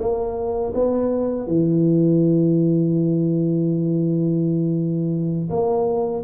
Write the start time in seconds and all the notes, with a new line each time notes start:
0.00 A#3
0.74 B3
1.47 E3
5.50 A#3